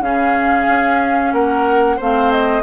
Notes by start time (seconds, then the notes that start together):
0.00 C#3 C#4 G#4 F5
0.69 C#4
1.33 A#3 A#4 F#5
1.97 A3 C4 C5 F5
2.32 D#5